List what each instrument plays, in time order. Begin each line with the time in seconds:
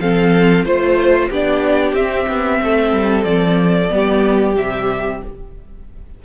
0.00 cello F3, viola C4, violin A4 F5
0.65 cello A3, viola F4, violin C5
1.29 cello B3, viola D4, violin G4 D5
1.93 cello C4, viola C4, violin E5
2.28 cello B3
2.61 cello A3, violin A4
2.92 cello G3
3.24 cello F3, violin D5
3.90 cello G3, viola B3, violin G4
4.56 cello C3, viola G3, violin E5